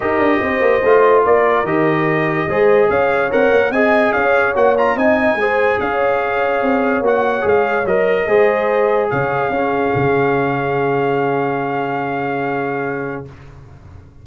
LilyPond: <<
  \new Staff \with { instrumentName = "trumpet" } { \time 4/4 \tempo 4 = 145 dis''2. d''4 | dis''2. f''4 | fis''4 gis''4 f''4 fis''8 ais''8 | gis''2 f''2~ |
f''4 fis''4 f''4 dis''4~ | dis''2 f''2~ | f''1~ | f''1 | }
  \new Staff \with { instrumentName = "horn" } { \time 4/4 ais'4 c''2 ais'4~ | ais'2 c''4 cis''4~ | cis''4 dis''4 cis''2 | dis''4 c''4 cis''2~ |
cis''1 | c''2 cis''4 gis'4~ | gis'1~ | gis'1 | }
  \new Staff \with { instrumentName = "trombone" } { \time 4/4 g'2 f'2 | g'2 gis'2 | ais'4 gis'2 fis'8 f'8 | dis'4 gis'2.~ |
gis'4 fis'4 gis'4 ais'4 | gis'2. cis'4~ | cis'1~ | cis'1 | }
  \new Staff \with { instrumentName = "tuba" } { \time 4/4 dis'8 d'8 c'8 ais8 a4 ais4 | dis2 gis4 cis'4 | c'8 ais8 c'4 cis'4 ais4 | c'4 gis4 cis'2 |
c'4 ais4 gis4 fis4 | gis2 cis4 cis'4 | cis1~ | cis1 | }
>>